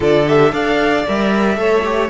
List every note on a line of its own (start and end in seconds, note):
0.00 0.52 D3
0.00 0.26 F4
0.00 0.51 A4
0.00 0.28 D5
0.27 0.52 G4
0.27 0.53 E5
0.52 1.05 D4
0.52 1.04 A4
0.52 1.58 D5
0.52 1.06 F5
1.07 1.57 G3
1.07 1.55 A#4
1.07 2.09 E5
1.55 2.09 A3
1.55 1.82 A4
1.55 2.09 C#5
1.83 2.09 G4